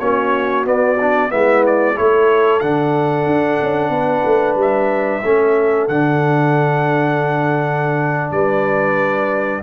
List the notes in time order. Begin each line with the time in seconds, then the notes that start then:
0.00 A#3 C#4 F#4 C#5
0.64 B3 D5
1.01 D4
1.30 G#3 B3 E4 E5
1.66 D5
1.96 A3 E4 A4 C#5
2.60 D3 D4 F#5
3.26 D4
3.62 C#4
3.90 B3 B4
4.25 A3
4.56 G3 E5
5.24 A3 C#4 A4
5.88 D3 D4 F#5
8.32 G3 B4 D5